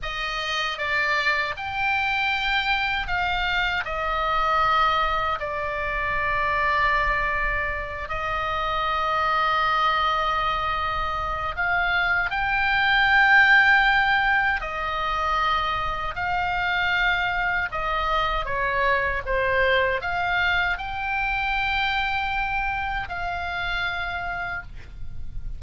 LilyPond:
\new Staff \with { instrumentName = "oboe" } { \time 4/4 \tempo 4 = 78 dis''4 d''4 g''2 | f''4 dis''2 d''4~ | d''2~ d''8 dis''4.~ | dis''2. f''4 |
g''2. dis''4~ | dis''4 f''2 dis''4 | cis''4 c''4 f''4 g''4~ | g''2 f''2 | }